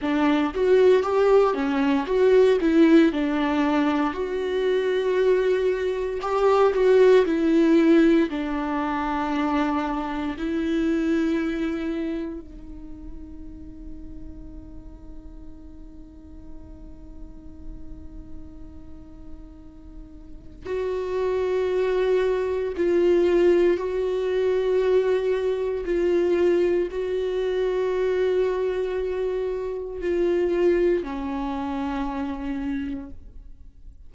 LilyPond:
\new Staff \with { instrumentName = "viola" } { \time 4/4 \tempo 4 = 58 d'8 fis'8 g'8 cis'8 fis'8 e'8 d'4 | fis'2 g'8 fis'8 e'4 | d'2 e'2 | dis'1~ |
dis'1 | fis'2 f'4 fis'4~ | fis'4 f'4 fis'2~ | fis'4 f'4 cis'2 | }